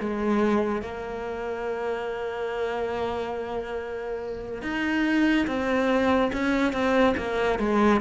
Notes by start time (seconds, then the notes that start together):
0.00 G#3
0.82 A#3
4.62 D#4
5.47 C4
6.33 C#4
6.73 C4
7.17 A#3
7.59 G#3